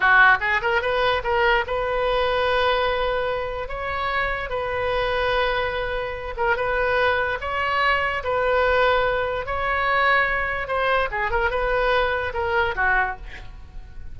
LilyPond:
\new Staff \with { instrumentName = "oboe" } { \time 4/4 \tempo 4 = 146 fis'4 gis'8 ais'8 b'4 ais'4 | b'1~ | b'4 cis''2 b'4~ | b'2.~ b'8 ais'8 |
b'2 cis''2 | b'2. cis''4~ | cis''2 c''4 gis'8 ais'8 | b'2 ais'4 fis'4 | }